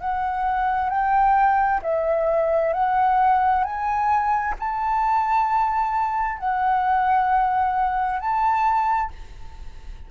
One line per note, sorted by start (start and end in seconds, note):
0.00 0.89 F#5
0.89 1.80 G5
1.82 2.73 E5
2.73 3.64 F#5
3.64 4.55 G#5
4.59 6.38 A5
6.38 8.19 F#5
8.19 9.10 A5